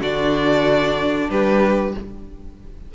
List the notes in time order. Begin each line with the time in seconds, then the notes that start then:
0.00 D3 D4 F#4 D5
1.30 G3 G4 B4